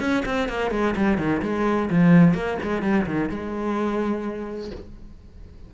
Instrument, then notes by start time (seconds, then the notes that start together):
cello
0.00 C#4
0.25 C4
0.48 A#3
0.71 G#3
0.96 G3
1.17 D#3
1.42 G#3
1.90 F3
2.34 A#3
2.62 G#3
2.82 G3
3.06 D#3
3.29 G#3